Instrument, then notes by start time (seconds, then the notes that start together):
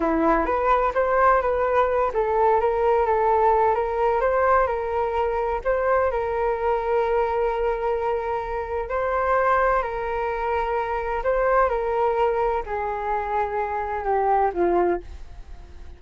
flute
0.00 E4
0.45 B4
0.94 C5
1.41 B4
2.13 A4
2.60 A#4
3.06 A4
3.75 A#4
4.21 C5
4.66 A#4
5.64 C5
6.11 A#4
8.89 C5
9.82 A#4
11.23 C5
11.69 A#4
12.65 G#4
14.04 G4
14.53 F4